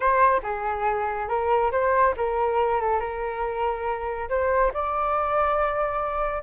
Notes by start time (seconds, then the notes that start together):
0.00 C5
0.42 G#4
1.28 A#4
1.71 C5
2.16 A#4
2.81 A4
3.00 A#4
4.29 C5
4.73 D5